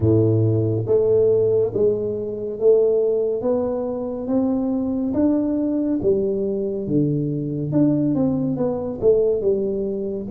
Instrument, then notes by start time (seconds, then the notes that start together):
tuba
0.00 A2
0.86 A3
1.74 G#3
2.59 A3
3.41 B3
4.27 C4
5.14 D4
6.02 G3
6.86 D3
7.71 D4
8.14 C4
8.56 B3
9.01 A3
9.41 G3